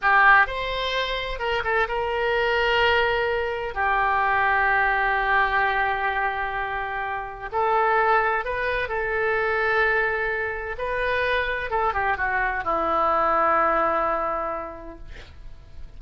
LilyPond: \new Staff \with { instrumentName = "oboe" } { \time 4/4 \tempo 4 = 128 g'4 c''2 ais'8 a'8 | ais'1 | g'1~ | g'1 |
a'2 b'4 a'4~ | a'2. b'4~ | b'4 a'8 g'8 fis'4 e'4~ | e'1 | }